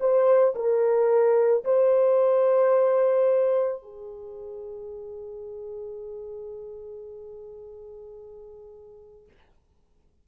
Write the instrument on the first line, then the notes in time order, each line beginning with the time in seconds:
horn
0.00 C5
0.55 A#4
1.65 C5
3.82 G#4